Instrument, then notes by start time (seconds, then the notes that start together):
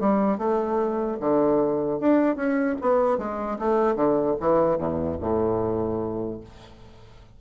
bassoon
0.00 G3
0.38 A3
1.20 D3
2.00 D4
2.36 C#4
2.81 B3
3.18 G#3
3.59 A3
3.96 D3
4.40 E3
4.78 E2
5.20 A2